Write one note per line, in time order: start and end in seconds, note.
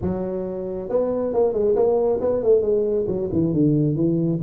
0.01 0.89 F#3
0.89 1.33 B3
1.33 1.53 A#3
1.53 1.75 G#3
1.75 2.19 A#3
2.21 2.43 B3
2.43 2.61 A3
2.61 3.06 G#3
3.07 3.29 F#3
3.32 3.53 E3
3.53 3.95 D3
3.95 4.39 E3